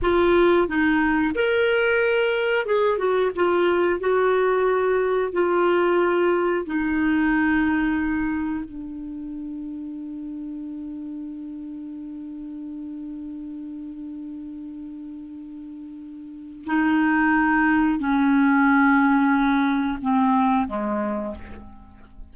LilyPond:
\new Staff \with { instrumentName = "clarinet" } { \time 4/4 \tempo 4 = 90 f'4 dis'4 ais'2 | gis'8 fis'8 f'4 fis'2 | f'2 dis'2~ | dis'4 d'2.~ |
d'1~ | d'1~ | d'4 dis'2 cis'4~ | cis'2 c'4 gis4 | }